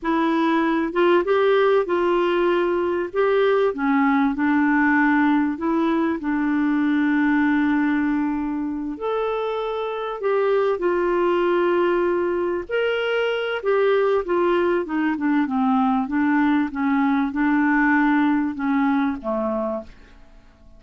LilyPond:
\new Staff \with { instrumentName = "clarinet" } { \time 4/4 \tempo 4 = 97 e'4. f'8 g'4 f'4~ | f'4 g'4 cis'4 d'4~ | d'4 e'4 d'2~ | d'2~ d'8 a'4.~ |
a'8 g'4 f'2~ f'8~ | f'8 ais'4. g'4 f'4 | dis'8 d'8 c'4 d'4 cis'4 | d'2 cis'4 a4 | }